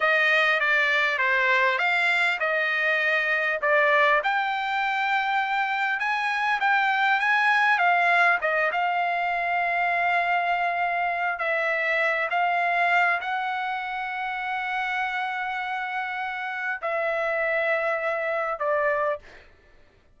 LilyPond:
\new Staff \with { instrumentName = "trumpet" } { \time 4/4 \tempo 4 = 100 dis''4 d''4 c''4 f''4 | dis''2 d''4 g''4~ | g''2 gis''4 g''4 | gis''4 f''4 dis''8 f''4.~ |
f''2. e''4~ | e''8 f''4. fis''2~ | fis''1 | e''2. d''4 | }